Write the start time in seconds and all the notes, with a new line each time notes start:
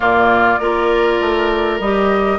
0.00 A#2 A#3 F4 D5
0.59 A#3 F4 A#4
1.20 A3
1.79 G3 G4 D#5